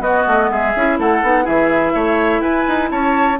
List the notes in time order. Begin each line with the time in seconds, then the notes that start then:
0.00 B3 F#4 D#5
0.27 A3
0.50 G#3 G#4 E5
0.76 C#4 E4
0.99 A3 A4 F#5
1.23 B3 D#4
1.44 E3 E4 G#4 E5
1.95 A3 C#5
2.41 E4 B4 G#5
2.68 D#4
2.91 C#4 C#5 A5